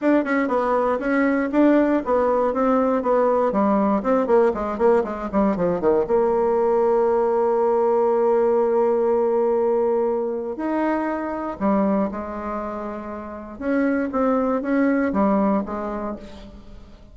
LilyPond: \new Staff \with { instrumentName = "bassoon" } { \time 4/4 \tempo 4 = 119 d'8 cis'8 b4 cis'4 d'4 | b4 c'4 b4 g4 | c'8 ais8 gis8 ais8 gis8 g8 f8 dis8 | ais1~ |
ais1~ | ais4 dis'2 g4 | gis2. cis'4 | c'4 cis'4 g4 gis4 | }